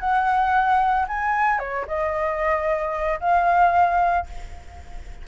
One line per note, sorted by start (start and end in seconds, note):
0.00 1.06 F#5
1.08 1.59 G#5
1.59 1.85 C#5
1.87 3.20 D#5
3.20 4.26 F5